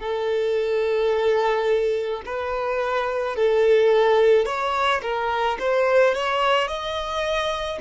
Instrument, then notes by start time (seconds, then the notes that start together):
violin
0.00 A4
2.26 B4
3.36 A4
4.46 C#5
5.03 A#4
5.59 C5
6.14 C#5
6.68 D#5